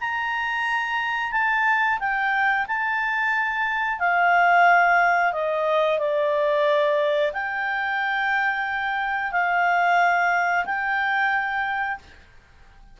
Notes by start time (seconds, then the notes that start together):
0.00 A#5
1.32 A5
1.99 G5
2.67 A5
3.99 F5
5.32 D#5
5.98 D5
7.33 G5
9.32 F5
10.65 G5